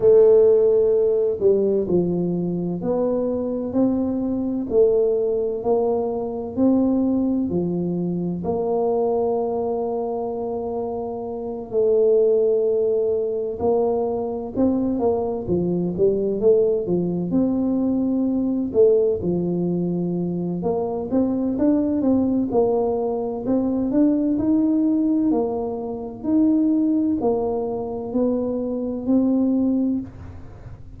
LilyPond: \new Staff \with { instrumentName = "tuba" } { \time 4/4 \tempo 4 = 64 a4. g8 f4 b4 | c'4 a4 ais4 c'4 | f4 ais2.~ | ais8 a2 ais4 c'8 |
ais8 f8 g8 a8 f8 c'4. | a8 f4. ais8 c'8 d'8 c'8 | ais4 c'8 d'8 dis'4 ais4 | dis'4 ais4 b4 c'4 | }